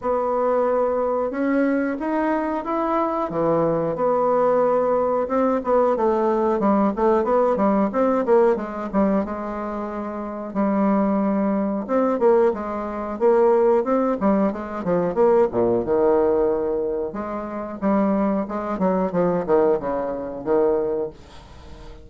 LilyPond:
\new Staff \with { instrumentName = "bassoon" } { \time 4/4 \tempo 4 = 91 b2 cis'4 dis'4 | e'4 e4 b2 | c'8 b8 a4 g8 a8 b8 g8 | c'8 ais8 gis8 g8 gis2 |
g2 c'8 ais8 gis4 | ais4 c'8 g8 gis8 f8 ais8 ais,8 | dis2 gis4 g4 | gis8 fis8 f8 dis8 cis4 dis4 | }